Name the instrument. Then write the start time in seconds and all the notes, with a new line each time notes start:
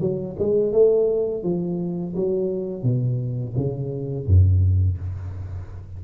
tuba
0.00 F#3
0.38 G#3
0.72 A3
1.43 F3
2.15 F#3
2.82 B2
3.56 C#3
4.26 F#2